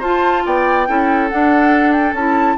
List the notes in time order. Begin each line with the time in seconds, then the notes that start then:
0.00 F4 C5 A5
0.46 B3 D5 G5
0.88 C#4 E4 A4
1.30 D4 F#5
1.93 G5
2.13 C#4 E4 A5